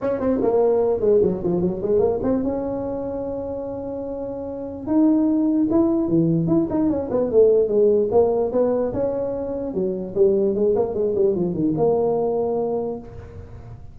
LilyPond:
\new Staff \with { instrumentName = "tuba" } { \time 4/4 \tempo 4 = 148 cis'8 c'8 ais4. gis8 fis8 f8 | fis8 gis8 ais8 c'8 cis'2~ | cis'1 | dis'2 e'4 e4 |
e'8 dis'8 cis'8 b8 a4 gis4 | ais4 b4 cis'2 | fis4 g4 gis8 ais8 gis8 g8 | f8 dis8 ais2. | }